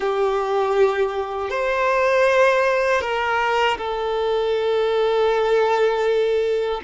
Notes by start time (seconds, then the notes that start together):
0.00 G4
1.50 C5
3.01 A#4
3.77 A4